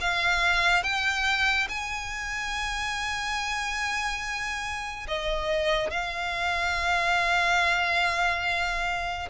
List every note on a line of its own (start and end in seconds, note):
0.00 0.83 F5
0.83 1.67 G5
1.69 5.07 G#5
5.07 5.90 D#5
5.90 9.28 F5